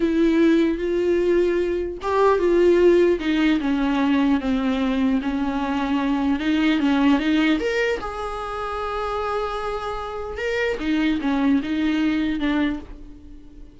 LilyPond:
\new Staff \with { instrumentName = "viola" } { \time 4/4 \tempo 4 = 150 e'2 f'2~ | f'4 g'4 f'2 | dis'4 cis'2 c'4~ | c'4 cis'2. |
dis'4 cis'4 dis'4 ais'4 | gis'1~ | gis'2 ais'4 dis'4 | cis'4 dis'2 d'4 | }